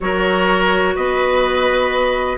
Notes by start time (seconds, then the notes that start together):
0.00 F#3 F#4 A#4 C#5
0.95 B3 B4 D#5